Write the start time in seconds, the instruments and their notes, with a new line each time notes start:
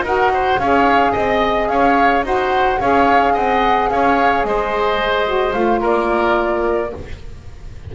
0.00 double bass D#4, saxophone F#4, oboe A#4, flute F#5
0.33 oboe C5
0.58 double bass C#4, saxophone G#4, oboe C#5, flute F5
1.12 double bass C4, oboe D#5, flute D#5
1.68 double bass C#4, oboe C#5, flute F5
2.23 double bass D#4, saxophone F#4, oboe C5, flute F#5
2.80 double bass C#4, saxophone G#4, oboe C#5, flute F5
3.33 double bass C4, oboe D#5, flute F#5
3.90 double bass C#4, oboe C#5, flute F5
4.44 double bass G#3, oboe C5, flute D#5
5.25 saxophone F#4
5.52 double bass A3, saxophone F4, flute F5
5.80 double bass A#3, oboe A#4, flute D5